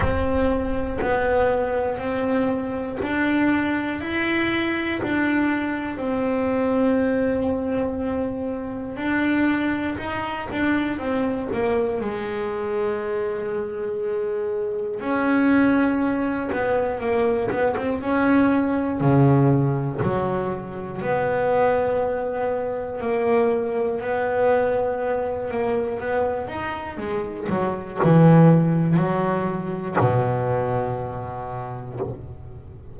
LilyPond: \new Staff \with { instrumentName = "double bass" } { \time 4/4 \tempo 4 = 60 c'4 b4 c'4 d'4 | e'4 d'4 c'2~ | c'4 d'4 dis'8 d'8 c'8 ais8 | gis2. cis'4~ |
cis'8 b8 ais8 b16 c'16 cis'4 cis4 | fis4 b2 ais4 | b4. ais8 b8 dis'8 gis8 fis8 | e4 fis4 b,2 | }